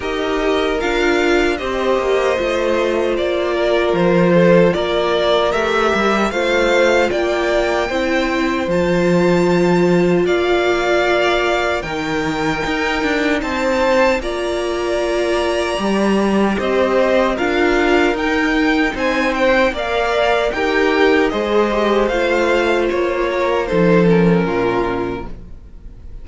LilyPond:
<<
  \new Staff \with { instrumentName = "violin" } { \time 4/4 \tempo 4 = 76 dis''4 f''4 dis''2 | d''4 c''4 d''4 e''4 | f''4 g''2 a''4~ | a''4 f''2 g''4~ |
g''4 a''4 ais''2~ | ais''4 dis''4 f''4 g''4 | gis''8 g''8 f''4 g''4 dis''4 | f''4 cis''4 c''8 ais'4. | }
  \new Staff \with { instrumentName = "violin" } { \time 4/4 ais'2 c''2~ | c''8 ais'4 a'8 ais'2 | c''4 d''4 c''2~ | c''4 d''2 ais'4~ |
ais'4 c''4 d''2~ | d''4 c''4 ais'2 | c''4 d''4 ais'4 c''4~ | c''4. ais'8 a'4 f'4 | }
  \new Staff \with { instrumentName = "viola" } { \time 4/4 g'4 f'4 g'4 f'4~ | f'2. g'4 | f'2 e'4 f'4~ | f'2. dis'4~ |
dis'2 f'2 | g'2 f'4 dis'4~ | dis'4 ais'4 g'4 gis'8 g'8 | f'2 dis'8 cis'4. | }
  \new Staff \with { instrumentName = "cello" } { \time 4/4 dis'4 d'4 c'8 ais8 a4 | ais4 f4 ais4 a8 g8 | a4 ais4 c'4 f4~ | f4 ais2 dis4 |
dis'8 d'8 c'4 ais2 | g4 c'4 d'4 dis'4 | c'4 ais4 dis'4 gis4 | a4 ais4 f4 ais,4 | }
>>